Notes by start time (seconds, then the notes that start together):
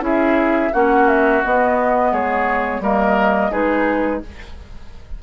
0.00 C#4 E4 G#4 E5
0.73 A#3 C#4 F#4 F#5
1.08 E5
1.44 B3 D#5
2.12 G#3 G#4 C#5
2.81 G3 A#3 A#4 D#5
3.51 G#3 D#4 G#4 B4